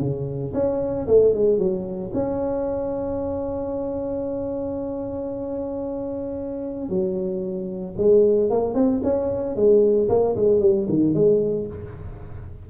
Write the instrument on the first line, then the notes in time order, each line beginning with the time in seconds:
tuba
0.00 C#3
0.54 C#4
1.08 A3
1.34 G#3
1.59 F#3
2.14 C#4
6.90 F#3
7.98 G#3
8.51 A#3
8.75 C4
9.04 C#4
9.56 G#3
10.09 A#3
10.36 G#3
10.61 G3
10.89 D#3
11.14 G#3